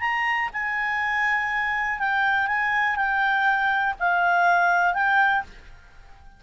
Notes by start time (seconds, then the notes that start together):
0.00 A#5
0.53 G#5
1.99 G5
2.47 G#5
2.96 G5
3.99 F5
4.94 G5